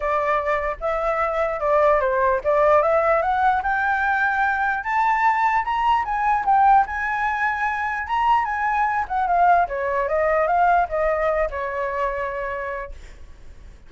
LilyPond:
\new Staff \with { instrumentName = "flute" } { \time 4/4 \tempo 4 = 149 d''2 e''2 | d''4 c''4 d''4 e''4 | fis''4 g''2. | a''2 ais''4 gis''4 |
g''4 gis''2. | ais''4 gis''4. fis''8 f''4 | cis''4 dis''4 f''4 dis''4~ | dis''8 cis''2.~ cis''8 | }